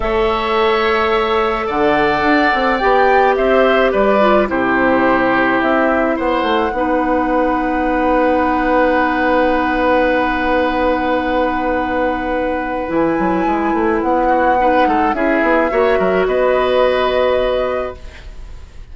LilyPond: <<
  \new Staff \with { instrumentName = "flute" } { \time 4/4 \tempo 4 = 107 e''2. fis''4~ | fis''4 g''4 e''4 d''4 | c''2 e''4 fis''4~ | fis''1~ |
fis''1~ | fis''2. gis''4~ | gis''4 fis''2 e''4~ | e''4 dis''2. | }
  \new Staff \with { instrumentName = "oboe" } { \time 4/4 cis''2. d''4~ | d''2 c''4 b'4 | g'2. c''4 | b'1~ |
b'1~ | b'1~ | b'4. fis'8 b'8 a'8 gis'4 | cis''8 ais'8 b'2. | }
  \new Staff \with { instrumentName = "clarinet" } { \time 4/4 a'1~ | a'4 g'2~ g'8 f'8 | e'1 | dis'1~ |
dis'1~ | dis'2. e'4~ | e'2 dis'4 e'4 | fis'1 | }
  \new Staff \with { instrumentName = "bassoon" } { \time 4/4 a2. d4 | d'8 c'8 b4 c'4 g4 | c2 c'4 b8 a8 | b1~ |
b1~ | b2. e8 fis8 | gis8 a8 b4. gis8 cis'8 b8 | ais8 fis8 b2. | }
>>